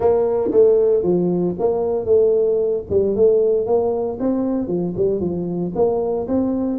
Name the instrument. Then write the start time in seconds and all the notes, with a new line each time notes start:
tuba
0.00 A#3
0.51 A3
1.02 F3
1.59 A#3
2.05 A3
2.90 G3
3.15 A3
3.66 A#3
4.19 C4
4.67 F3
4.96 G3
5.20 F3
5.75 A#3
6.28 C4